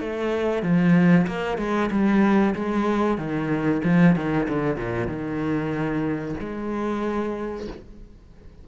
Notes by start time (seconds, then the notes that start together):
0.00 A3
0.62 F3
1.27 A#3
1.58 G#3
1.91 G3
2.55 G#3
3.17 D#3
3.84 F3
4.15 D#3
4.49 D3
4.76 A#2
5.07 D#3
6.40 G#3